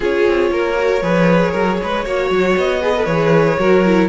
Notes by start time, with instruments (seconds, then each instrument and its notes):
0.00 cello C#4, viola F4, violin G#4 C#5
0.27 cello C4
0.51 cello A#3, violin A#4
0.76 viola F#4
1.01 cello F3, viola G#4, violin B4
1.51 cello F#3, violin A#4
1.82 cello G#3, violin B4
2.05 cello A#3, viola F#4, violin C#5
2.30 cello F#3
2.57 cello B3, violin D#5
2.81 viola G#4, violin B4
2.95 viola A4
3.05 cello E3, viola G#4, violin C#5
3.58 cello F#3, viola F#4, violin A#4
3.85 viola E4